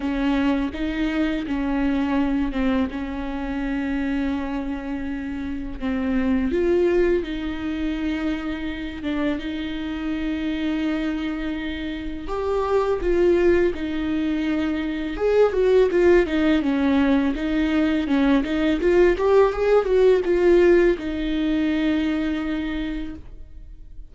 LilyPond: \new Staff \with { instrumentName = "viola" } { \time 4/4 \tempo 4 = 83 cis'4 dis'4 cis'4. c'8 | cis'1 | c'4 f'4 dis'2~ | dis'8 d'8 dis'2.~ |
dis'4 g'4 f'4 dis'4~ | dis'4 gis'8 fis'8 f'8 dis'8 cis'4 | dis'4 cis'8 dis'8 f'8 g'8 gis'8 fis'8 | f'4 dis'2. | }